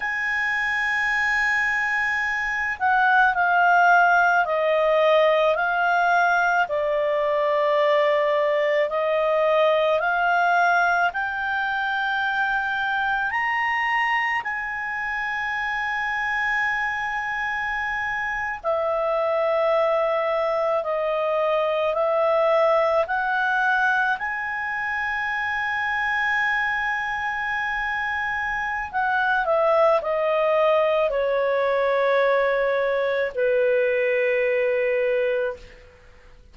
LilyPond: \new Staff \with { instrumentName = "clarinet" } { \time 4/4 \tempo 4 = 54 gis''2~ gis''8 fis''8 f''4 | dis''4 f''4 d''2 | dis''4 f''4 g''2 | ais''4 gis''2.~ |
gis''8. e''2 dis''4 e''16~ | e''8. fis''4 gis''2~ gis''16~ | gis''2 fis''8 e''8 dis''4 | cis''2 b'2 | }